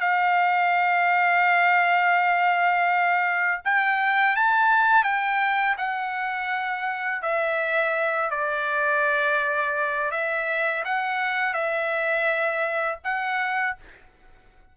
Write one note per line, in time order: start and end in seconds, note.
0.00 3.61 F5
3.65 4.36 G5
4.36 5.04 A5
5.04 5.76 G5
5.77 7.22 F#5
7.22 8.30 E5
8.30 10.11 D5
10.11 10.83 E5
10.85 11.54 F#5
11.54 12.98 E5
13.04 13.76 F#5